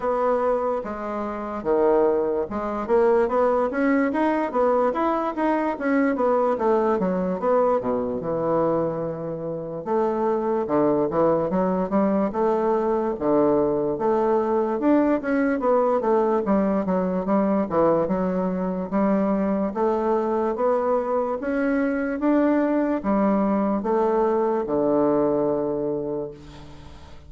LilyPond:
\new Staff \with { instrumentName = "bassoon" } { \time 4/4 \tempo 4 = 73 b4 gis4 dis4 gis8 ais8 | b8 cis'8 dis'8 b8 e'8 dis'8 cis'8 b8 | a8 fis8 b8 b,8 e2 | a4 d8 e8 fis8 g8 a4 |
d4 a4 d'8 cis'8 b8 a8 | g8 fis8 g8 e8 fis4 g4 | a4 b4 cis'4 d'4 | g4 a4 d2 | }